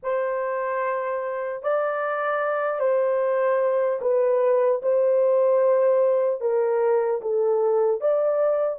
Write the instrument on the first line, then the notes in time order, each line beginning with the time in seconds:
horn
0.02 C5
1.62 D5
2.79 C5
4.01 B4
4.82 C5
6.40 A#4
7.21 A4
8.00 D5